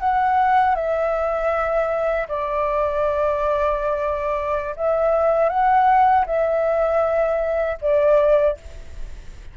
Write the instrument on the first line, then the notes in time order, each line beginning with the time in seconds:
flute
0.00 F#5
0.75 E5
2.28 D5
4.76 E5
5.49 F#5
6.26 E5
7.81 D5